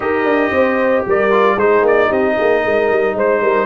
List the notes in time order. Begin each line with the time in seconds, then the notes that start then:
0.00 D#4 G4 A#4 D#5
0.24 D4
0.50 C4 C5
1.06 G3 A#4 D5
1.31 F4
1.55 G#3 D#4 G#4 C5
1.81 A#3 D5
2.07 C4 G4 D#5
2.37 A#3 G#4
2.64 G#3 A#4
2.91 G3
3.14 G#3 C5
3.41 G3 A#4